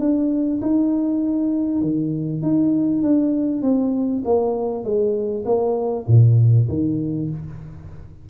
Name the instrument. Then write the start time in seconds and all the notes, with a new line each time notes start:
tuba
0.00 D4
0.62 D#4
1.82 D#3
2.42 D#4
3.03 D4
3.62 C4
4.25 A#3
4.84 G#3
5.45 A#3
6.08 A#2
6.69 D#3